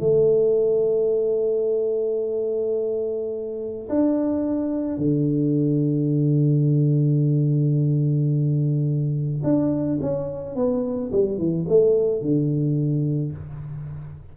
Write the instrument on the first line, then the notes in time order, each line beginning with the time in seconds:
tuba
0.00 A3
3.90 D4
4.98 D3
9.44 D4
10.02 C#4
10.56 B3
11.12 G3
11.38 E3
11.69 A3
12.22 D3